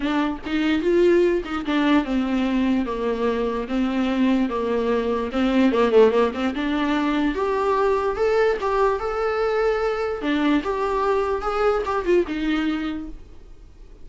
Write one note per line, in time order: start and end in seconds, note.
0.00 0.37 D4
0.45 0.81 D#4
0.81 1.42 F4
1.44 1.65 D#4
1.65 2.04 D4
2.04 2.85 C4
2.85 3.67 A#3
3.68 4.49 C4
4.49 5.30 A#3
5.32 5.72 C4
5.72 5.91 A#3
5.91 6.11 A3
6.11 6.31 A#3
6.33 6.54 C4
6.55 7.34 D4
7.34 8.16 G4
8.16 8.57 A4
8.60 8.99 G4
8.99 10.21 A4
10.21 10.62 D4
10.63 11.41 G4
11.41 11.82 G#4
11.85 12.05 G4
12.05 12.25 F4
12.27 13.08 D#4